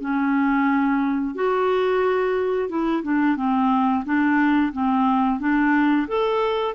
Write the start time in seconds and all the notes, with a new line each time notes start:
0.00 C#4
1.35 F#4
2.68 E4
3.03 D4
3.36 C4
4.04 D4
4.72 C4
5.40 D4
6.07 A4